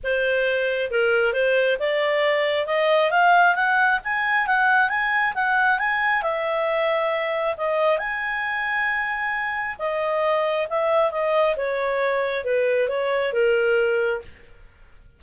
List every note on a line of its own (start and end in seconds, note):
0.03 0.91 C5
0.91 1.33 A#4
1.33 1.77 C5
1.79 2.66 D5
2.66 3.10 D#5
3.10 3.55 F5
3.55 3.99 F#5
4.04 4.46 G#5
4.46 4.89 F#5
4.89 5.33 G#5
5.34 5.78 F#5
5.78 6.22 G#5
6.22 7.55 E5
7.57 7.98 D#5
7.98 9.76 G#5
9.78 10.67 D#5
10.69 11.11 E5
11.11 11.55 D#5
11.56 12.44 C#5
12.44 12.88 B4
12.88 13.32 C#5
13.32 14.21 A#4